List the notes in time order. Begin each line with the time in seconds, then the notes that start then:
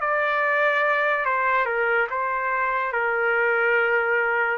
0.00 D5
1.25 C5
1.65 A#4
2.09 C5
2.92 A#4